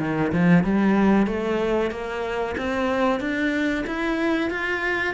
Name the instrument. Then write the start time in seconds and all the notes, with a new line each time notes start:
cello
0.00 D#3
0.33 F3
0.65 G3
1.27 A3
1.91 A#3
2.58 C4
3.21 D4
3.87 E4
4.51 F4